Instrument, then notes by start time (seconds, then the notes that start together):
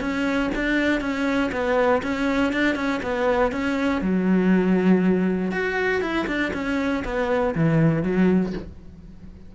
cello
0.00 C#4
0.55 D4
1.00 C#4
1.52 B3
2.03 C#4
2.52 D4
2.75 C#4
3.02 B3
3.52 C#4
4.01 F#3
5.51 F#4
6.01 E4
6.27 D4
6.53 C#4
7.05 B3
7.55 E3
8.03 F#3